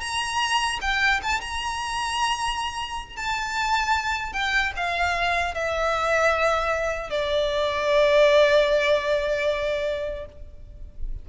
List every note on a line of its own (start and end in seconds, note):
0.00 0.79 A#5
0.81 1.20 G5
1.22 1.40 A5
1.40 3.16 A#5
3.16 4.32 A5
4.32 4.72 G5
4.76 5.54 F5
5.54 7.10 E5
7.10 10.26 D5